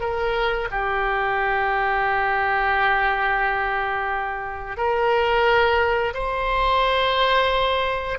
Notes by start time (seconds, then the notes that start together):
0.00 A#4
0.71 G4
4.77 A#4
6.14 C5